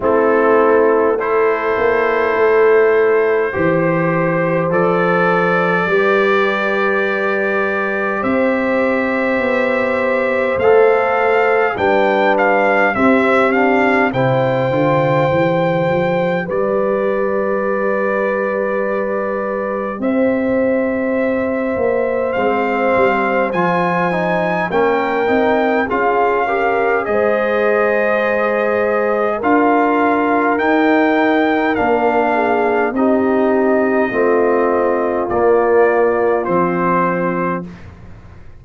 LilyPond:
<<
  \new Staff \with { instrumentName = "trumpet" } { \time 4/4 \tempo 4 = 51 a'4 c''2. | d''2. e''4~ | e''4 f''4 g''8 f''8 e''8 f''8 | g''2 d''2~ |
d''4 e''2 f''4 | gis''4 g''4 f''4 dis''4~ | dis''4 f''4 g''4 f''4 | dis''2 d''4 c''4 | }
  \new Staff \with { instrumentName = "horn" } { \time 4/4 e'4 a'2 c''4~ | c''4 b'2 c''4~ | c''2 b'4 g'4 | c''2 b'2~ |
b'4 c''2.~ | c''4 ais'4 gis'8 ais'8 c''4~ | c''4 ais'2~ ais'8 gis'8 | g'4 f'2. | }
  \new Staff \with { instrumentName = "trombone" } { \time 4/4 c'4 e'2 g'4 | a'4 g'2.~ | g'4 a'4 d'4 c'8 d'8 | e'8 f'8 g'2.~ |
g'2. c'4 | f'8 dis'8 cis'8 dis'8 f'8 g'8 gis'4~ | gis'4 f'4 dis'4 d'4 | dis'4 c'4 ais4 c'4 | }
  \new Staff \with { instrumentName = "tuba" } { \time 4/4 a4. ais8 a4 e4 | f4 g2 c'4 | b4 a4 g4 c'4 | c8 d8 e8 f8 g2~ |
g4 c'4. ais8 gis8 g8 | f4 ais8 c'8 cis'4 gis4~ | gis4 d'4 dis'4 ais4 | c'4 a4 ais4 f4 | }
>>